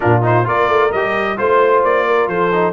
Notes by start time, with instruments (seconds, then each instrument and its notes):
0.00 tuba A#2, trombone D4, horn F4, trumpet A#4
0.22 trombone D#4, trumpet C5
0.44 tuba A#3, trombone F4, horn A#4, trumpet D5
0.68 tuba A3
0.92 tuba G3, trombone G4, trumpet D#5
1.37 tuba A3, trombone F4, trumpet C5, horn C5
1.84 tuba A#3, trumpet D5
2.06 horn A#4
2.27 tuba F3, horn A4, trumpet C5
2.52 trombone D#4